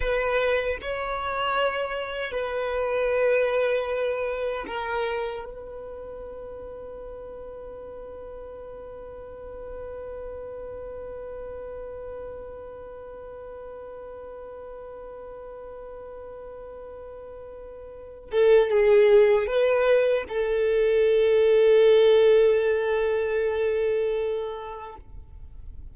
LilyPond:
\new Staff \with { instrumentName = "violin" } { \time 4/4 \tempo 4 = 77 b'4 cis''2 b'4~ | b'2 ais'4 b'4~ | b'1~ | b'1~ |
b'1~ | b'2.~ b'8 a'8 | gis'4 b'4 a'2~ | a'1 | }